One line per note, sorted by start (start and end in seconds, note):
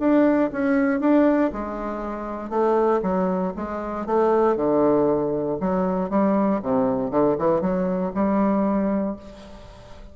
0.00 0.51 D4
0.53 1.01 C#4
1.01 1.52 D4
1.53 2.50 G#3
2.50 3.01 A3
3.03 3.53 F#3
3.57 4.07 G#3
4.07 4.57 A3
4.57 5.59 D3
5.61 6.10 F#3
6.10 6.61 G3
6.63 7.11 C3
7.11 7.37 D3
7.39 7.61 E3
7.61 8.12 F#3
8.15 9.17 G3